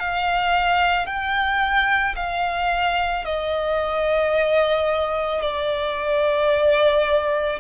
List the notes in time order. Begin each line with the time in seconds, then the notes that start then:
0.00 F5
1.06 G5
2.16 F5
3.25 D#5
5.41 D5